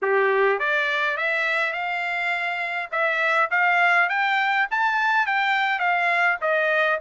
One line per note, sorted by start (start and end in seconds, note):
0.02 0.59 G4
0.59 1.17 D5
1.17 1.72 E5
1.72 2.89 F5
2.91 3.50 E5
3.51 4.09 F5
4.09 4.67 G5
4.70 5.26 A5
5.26 5.79 G5
5.79 6.37 F5
6.41 6.99 D#5